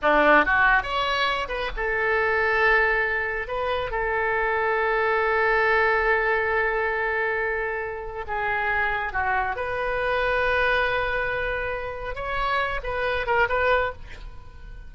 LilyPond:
\new Staff \with { instrumentName = "oboe" } { \time 4/4 \tempo 4 = 138 d'4 fis'4 cis''4. b'8 | a'1 | b'4 a'2.~ | a'1~ |
a'2. gis'4~ | gis'4 fis'4 b'2~ | b'1 | cis''4. b'4 ais'8 b'4 | }